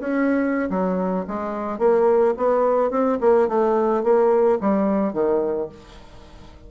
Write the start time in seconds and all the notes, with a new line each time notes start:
0.00 C#4
0.70 F#3
1.28 G#3
1.79 A#3
2.37 B3
2.91 C4
3.21 A#3
3.48 A3
4.04 A#3
4.61 G3
5.13 D#3